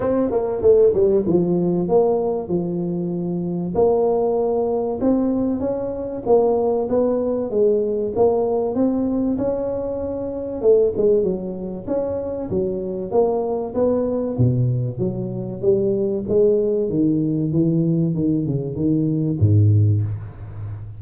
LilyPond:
\new Staff \with { instrumentName = "tuba" } { \time 4/4 \tempo 4 = 96 c'8 ais8 a8 g8 f4 ais4 | f2 ais2 | c'4 cis'4 ais4 b4 | gis4 ais4 c'4 cis'4~ |
cis'4 a8 gis8 fis4 cis'4 | fis4 ais4 b4 b,4 | fis4 g4 gis4 dis4 | e4 dis8 cis8 dis4 gis,4 | }